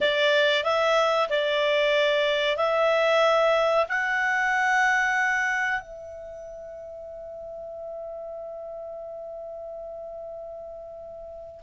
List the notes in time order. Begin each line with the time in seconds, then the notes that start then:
0.01 D5
0.64 E5
1.29 D5
2.57 E5
3.88 F#5
5.80 E5